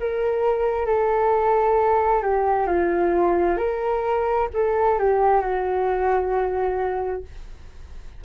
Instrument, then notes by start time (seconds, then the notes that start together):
flute
0.00 A#4
0.86 A4
2.23 G4
2.67 F4
3.57 A#4
4.54 A4
4.99 G4
5.41 F#4